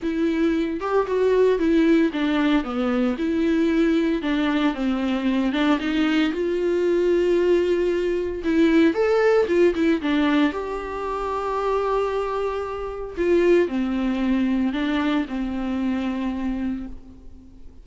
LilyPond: \new Staff \with { instrumentName = "viola" } { \time 4/4 \tempo 4 = 114 e'4. g'8 fis'4 e'4 | d'4 b4 e'2 | d'4 c'4. d'8 dis'4 | f'1 |
e'4 a'4 f'8 e'8 d'4 | g'1~ | g'4 f'4 c'2 | d'4 c'2. | }